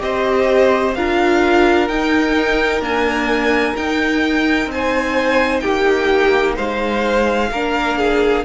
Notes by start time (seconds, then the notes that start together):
0.00 C4 G4 C5 D#5
0.95 D4 F4 A#4 F5
1.88 D#4 G5
2.81 A#3 D4 G#5
3.77 D#4 G5
4.67 C4 G#5
4.74 C5
5.60 A#3 G4 G5
6.56 G#3 C5 F5
7.51 A#3 D4 A#4
7.98 G#4